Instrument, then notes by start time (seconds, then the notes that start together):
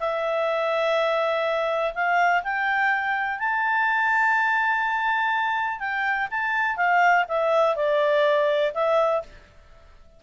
clarinet
0.00 E5
1.94 F5
2.44 G5
3.39 A5
5.80 G5
6.31 A5
6.77 F5
7.28 E5
7.76 D5
8.74 E5